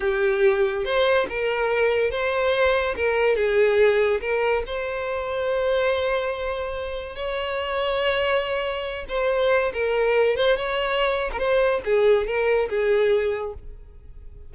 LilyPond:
\new Staff \with { instrumentName = "violin" } { \time 4/4 \tempo 4 = 142 g'2 c''4 ais'4~ | ais'4 c''2 ais'4 | gis'2 ais'4 c''4~ | c''1~ |
c''4 cis''2.~ | cis''4. c''4. ais'4~ | ais'8 c''8 cis''4.~ cis''16 ais'16 c''4 | gis'4 ais'4 gis'2 | }